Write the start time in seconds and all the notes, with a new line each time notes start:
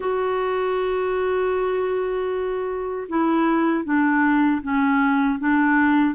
0.00 F#4
3.08 E4
3.84 D4
4.62 C#4
5.39 D4